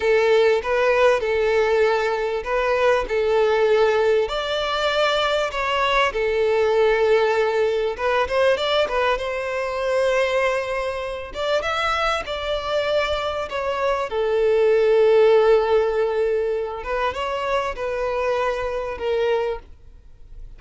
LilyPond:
\new Staff \with { instrumentName = "violin" } { \time 4/4 \tempo 4 = 98 a'4 b'4 a'2 | b'4 a'2 d''4~ | d''4 cis''4 a'2~ | a'4 b'8 c''8 d''8 b'8 c''4~ |
c''2~ c''8 d''8 e''4 | d''2 cis''4 a'4~ | a'2.~ a'8 b'8 | cis''4 b'2 ais'4 | }